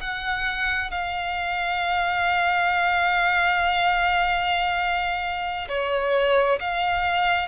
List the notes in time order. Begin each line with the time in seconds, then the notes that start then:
0.00 F#5
0.90 F5
5.68 C#5
6.60 F5